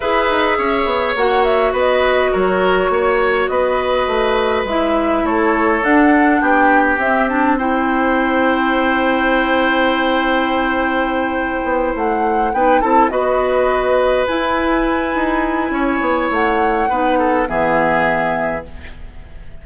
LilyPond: <<
  \new Staff \with { instrumentName = "flute" } { \time 4/4 \tempo 4 = 103 e''2 fis''8 e''8 dis''4 | cis''2 dis''2 | e''4 cis''4 fis''4 g''4 | e''8 a''8 g''2.~ |
g''1~ | g''8 fis''4 g''8 a''8 dis''4.~ | dis''8 gis''2.~ gis''8 | fis''2 e''2 | }
  \new Staff \with { instrumentName = "oboe" } { \time 4/4 b'4 cis''2 b'4 | ais'4 cis''4 b'2~ | b'4 a'2 g'4~ | g'4 c''2.~ |
c''1~ | c''4. b'8 a'8 b'4.~ | b'2. cis''4~ | cis''4 b'8 a'8 gis'2 | }
  \new Staff \with { instrumentName = "clarinet" } { \time 4/4 gis'2 fis'2~ | fis'1 | e'2 d'2 | c'8 d'8 e'2.~ |
e'1~ | e'4. dis'8 e'8 fis'4.~ | fis'8 e'2.~ e'8~ | e'4 dis'4 b2 | }
  \new Staff \with { instrumentName = "bassoon" } { \time 4/4 e'8 dis'8 cis'8 b8 ais4 b4 | fis4 ais4 b4 a4 | gis4 a4 d'4 b4 | c'1~ |
c'1 | b8 a4 b8 c'8 b4.~ | b8 e'4. dis'4 cis'8 b8 | a4 b4 e2 | }
>>